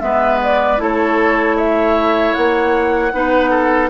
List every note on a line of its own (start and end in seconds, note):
0.00 0.78 G#3
0.00 0.77 B3
0.00 0.82 B4
0.00 0.39 E5
0.43 0.82 D5
0.77 2.34 A3
0.77 3.11 E4
0.77 1.56 A4
0.77 1.57 C#5
1.56 3.12 C#5
1.56 2.34 E5
2.34 3.12 A#3
2.34 3.89 F#5
3.12 3.90 B3
3.12 3.90 D#4
3.12 3.50 B4
3.50 3.89 A4